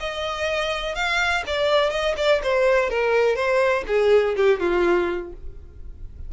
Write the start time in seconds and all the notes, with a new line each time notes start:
0.00 D#5
0.95 F5
1.47 D5
1.90 D#5
2.17 D5
2.43 C5
2.90 A#4
3.36 C5
3.87 G#4
4.36 G4
4.60 F4